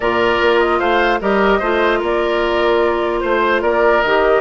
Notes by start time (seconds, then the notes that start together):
0.00 A#2 F4 A#4 D5
0.40 A#3
0.59 D#5
0.79 A3 C5 F5
1.21 G3 G4 A#4 D#5
1.59 A3 F4 C5
1.99 A#3 A#4 D5
3.20 A3 C5
3.61 A#3 A#4 D5
4.02 D#3 G4 D#5